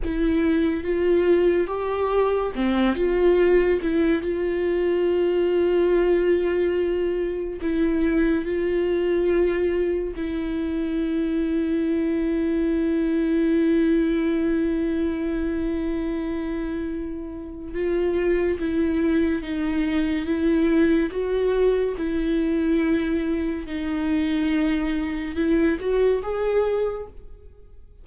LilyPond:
\new Staff \with { instrumentName = "viola" } { \time 4/4 \tempo 4 = 71 e'4 f'4 g'4 c'8 f'8~ | f'8 e'8 f'2.~ | f'4 e'4 f'2 | e'1~ |
e'1~ | e'4 f'4 e'4 dis'4 | e'4 fis'4 e'2 | dis'2 e'8 fis'8 gis'4 | }